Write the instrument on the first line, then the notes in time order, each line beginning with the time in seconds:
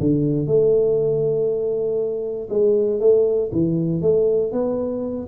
tuba
0.00 D3
0.47 A3
2.50 G#3
3.00 A3
3.52 E3
4.02 A3
4.52 B3